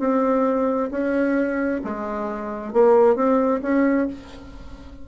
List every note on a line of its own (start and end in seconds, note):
0.00 0.90 C4
0.91 1.81 C#4
1.85 2.74 G#3
2.74 3.16 A#3
3.16 3.61 C4
3.63 4.08 C#4